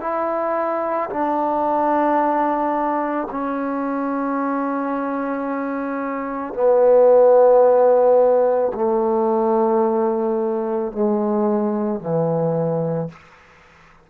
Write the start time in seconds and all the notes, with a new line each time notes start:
0.00 E4
1.10 D4
3.30 C#4
6.54 B3
8.74 A3
10.92 G#3
12.00 E3